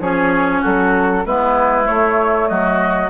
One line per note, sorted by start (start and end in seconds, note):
0.00 0.62 F3
0.00 1.25 C#4
0.00 0.62 G#4
0.00 0.64 C#5
0.62 1.26 F#3
0.62 1.23 F#4
0.62 1.26 A4
1.26 1.88 G#3
1.26 1.84 B3
1.26 2.50 E4
1.26 1.87 B4
1.84 3.08 A3
1.84 2.50 A3
1.84 2.48 C#5
2.48 3.11 F#3
2.48 3.11 F#4
2.48 3.10 D#5